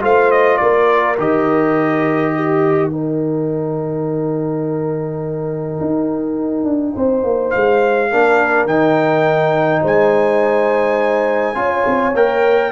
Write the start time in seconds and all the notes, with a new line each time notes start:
0.00 A3 F4 C5 F5
0.31 D#5
0.57 A#3 A#4 D5
1.18 D#3 G4 D#5
2.34 G4
2.90 D#4 A#4 G5
5.80 D#4
6.64 D4
6.94 C4 C5
7.24 A#3
7.50 G#3 F5
8.10 A#3 D4 A#4
8.65 D#3 D#4 G5
9.82 G#3 C5 G#5
11.55 C#4 F4 C#5
11.86 C4
12.14 A#3 A#4 G5